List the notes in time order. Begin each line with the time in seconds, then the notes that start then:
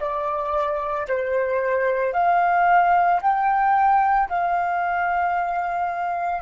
0.00 D5
1.08 C5
2.13 F5
3.21 G5
4.29 F5